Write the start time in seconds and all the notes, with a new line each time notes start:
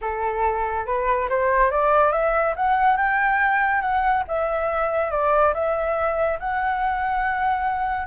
0.01 A4
0.85 B4
1.29 C5
1.70 D5
2.11 E5
2.56 F#5
2.96 G5
3.81 F#5
4.27 E5
5.11 D5
5.53 E5
6.39 F#5